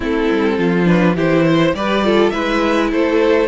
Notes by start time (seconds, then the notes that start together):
0.00 A3 C4 E4 A4
0.31 G3
0.57 F3 F4
0.85 D4 B4
1.15 E3 E4 G4 C5
1.46 C5
1.73 G3 G4 B4 D5
2.04 F4 A4
2.30 G#3 E4 B4 E5
2.91 A3 A4 C5